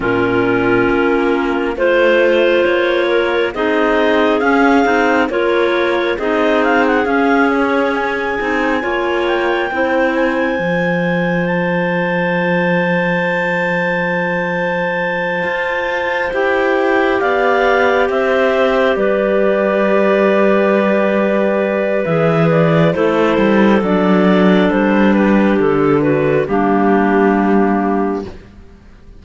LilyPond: <<
  \new Staff \with { instrumentName = "clarinet" } { \time 4/4 \tempo 4 = 68 ais'2 c''4 cis''4 | dis''4 f''4 cis''4 dis''8 f''16 fis''16 | f''8 cis''8 gis''4. g''4 gis''8~ | gis''4 a''2.~ |
a''2~ a''8 g''4 f''8~ | f''8 e''4 d''2~ d''8~ | d''4 e''8 d''8 c''4 d''4 | c''8 b'8 a'8 b'8 g'2 | }
  \new Staff \with { instrumentName = "clarinet" } { \time 4/4 f'2 c''4. ais'8 | gis'2 ais'4 gis'4~ | gis'2 cis''4 c''4~ | c''1~ |
c''2.~ c''8 d''8~ | d''8 c''4 b'2~ b'8~ | b'2 a'2~ | a'8 g'4 fis'8 d'2 | }
  \new Staff \with { instrumentName = "clarinet" } { \time 4/4 cis'2 f'2 | dis'4 cis'8 dis'8 f'4 dis'4 | cis'4. dis'8 f'4 e'4 | f'1~ |
f'2~ f'8 g'4.~ | g'1~ | g'4 gis'4 e'4 d'4~ | d'2 ais2 | }
  \new Staff \with { instrumentName = "cello" } { \time 4/4 ais,4 ais4 a4 ais4 | c'4 cis'8 c'8 ais4 c'4 | cis'4. c'8 ais4 c'4 | f1~ |
f4. f'4 e'4 b8~ | b8 c'4 g2~ g8~ | g4 e4 a8 g8 fis4 | g4 d4 g2 | }
>>